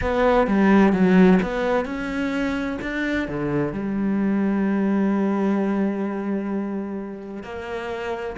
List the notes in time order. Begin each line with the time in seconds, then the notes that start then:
0.01 B3
0.47 G3
0.92 F#3
1.42 B3
1.85 C#4
2.81 D4
3.28 D3
3.72 G3
7.43 A#3